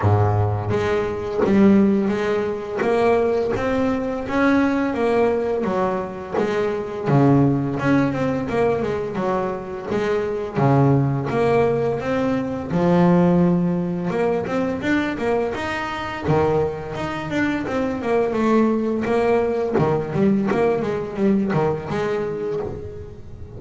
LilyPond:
\new Staff \with { instrumentName = "double bass" } { \time 4/4 \tempo 4 = 85 gis,4 gis4 g4 gis4 | ais4 c'4 cis'4 ais4 | fis4 gis4 cis4 cis'8 c'8 | ais8 gis8 fis4 gis4 cis4 |
ais4 c'4 f2 | ais8 c'8 d'8 ais8 dis'4 dis4 | dis'8 d'8 c'8 ais8 a4 ais4 | dis8 g8 ais8 gis8 g8 dis8 gis4 | }